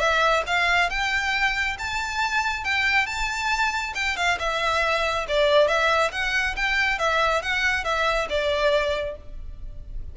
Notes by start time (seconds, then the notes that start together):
0.00 E5
0.47 F5
0.91 G5
1.79 A5
2.65 G5
3.07 A5
3.95 G5
4.17 F5
4.40 E5
5.29 D5
5.68 E5
6.12 F#5
6.57 G5
6.99 E5
7.43 F#5
7.85 E5
8.30 D5